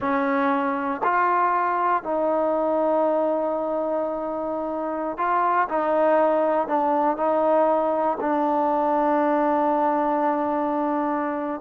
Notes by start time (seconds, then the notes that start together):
0.00 C#4
1.03 F4
2.03 D#4
5.17 F4
5.68 D#4
6.67 D4
7.16 D#4
8.20 D4